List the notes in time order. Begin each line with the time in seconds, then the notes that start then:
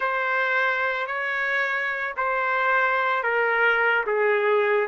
0.00 C5
1.06 C#5
2.16 C5
3.23 A#4
4.06 G#4